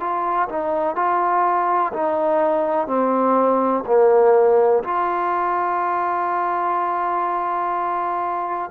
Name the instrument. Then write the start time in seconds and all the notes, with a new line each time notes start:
trombone
0.00 F4
0.49 D#4
0.96 F4
1.93 D#4
2.87 C4
3.86 A#3
4.83 F4